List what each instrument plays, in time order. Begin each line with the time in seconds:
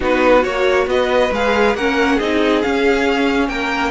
0.00 cello B3, viola D#4, violin F#4 B4
0.43 cello A#3, viola F#4, violin C#5
0.86 cello B3, violin B4 D#5
1.31 cello G#3, viola G#4, violin F5
1.75 cello A#3, viola C#4, violin A#4 F#5
2.15 cello C4, viola D#4, violin G#4 D#5
2.62 viola C#4, cello C#4, violin F5
3.48 cello A#3, violin A#4 G5